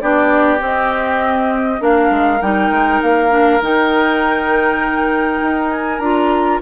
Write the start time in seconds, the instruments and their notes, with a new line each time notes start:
0.00 bassoon B3, clarinet D4, oboe G4, flute D5
0.58 clarinet C4, bassoon C4, flute D#5
1.79 bassoon A#3, clarinet D4, oboe A#4, flute F5
2.10 bassoon G#3
2.41 bassoon G3, clarinet D#4, flute G5
2.70 bassoon G#3
3.02 bassoon A#3, flute F5
3.29 clarinet D4
3.61 bassoon D#3, clarinet D#4, flute G5
5.41 bassoon D#4
5.70 flute G#5
5.99 bassoon D4, clarinet F4, flute A#5